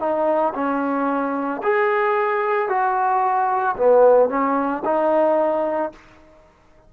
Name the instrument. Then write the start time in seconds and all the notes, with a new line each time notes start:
trombone
0.00 D#4
0.55 C#4
1.63 G#4
2.69 F#4
3.77 B3
4.30 C#4
4.85 D#4